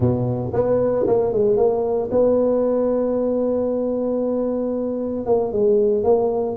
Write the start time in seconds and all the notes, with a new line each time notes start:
0.00 B2
0.53 B3
1.06 A#3
1.32 G#3
1.56 A#3
2.11 B3
5.26 A#3
5.52 G#3
6.03 A#3